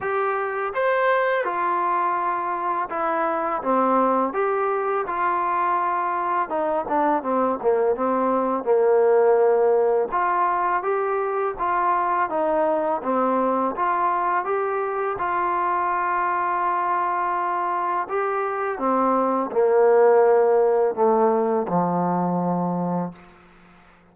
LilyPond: \new Staff \with { instrumentName = "trombone" } { \time 4/4 \tempo 4 = 83 g'4 c''4 f'2 | e'4 c'4 g'4 f'4~ | f'4 dis'8 d'8 c'8 ais8 c'4 | ais2 f'4 g'4 |
f'4 dis'4 c'4 f'4 | g'4 f'2.~ | f'4 g'4 c'4 ais4~ | ais4 a4 f2 | }